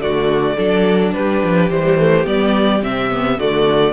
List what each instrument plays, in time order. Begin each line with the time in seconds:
0.00 cello D3, viola A3, violin F#4 D5
0.57 cello F#3, viola D4, violin A4
1.14 cello G3, violin G4 B4
1.43 cello F3
1.70 cello E3, viola G3, violin C5
1.98 viola A3
2.24 cello G3, viola B3, violin D5
2.83 cello C3, viola C4, violin E5
3.11 viola B3
3.39 cello D3, viola A3, violin F#4 D5